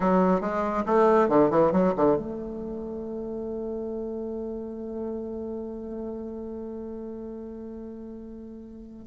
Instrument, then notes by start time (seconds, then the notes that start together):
bassoon
0.00 F#3
0.40 G#3
0.86 A3
1.29 D3
1.50 E3
1.71 F#3
1.96 D3
2.16 A3